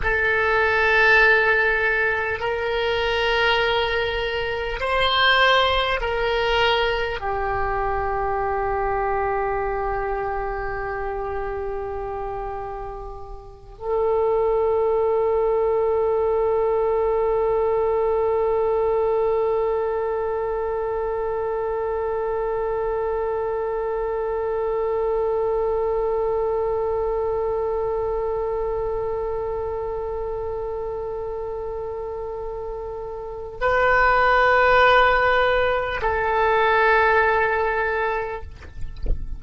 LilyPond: \new Staff \with { instrumentName = "oboe" } { \time 4/4 \tempo 4 = 50 a'2 ais'2 | c''4 ais'4 g'2~ | g'2.~ g'8 a'8~ | a'1~ |
a'1~ | a'1~ | a'1 | b'2 a'2 | }